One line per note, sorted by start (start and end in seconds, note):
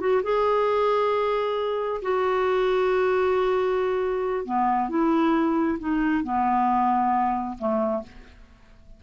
0.00 0.22 F#4
0.23 2.01 G#4
2.02 4.45 F#4
4.45 4.89 B3
4.89 5.78 E4
5.79 6.24 D#4
6.24 7.57 B3
7.58 8.03 A3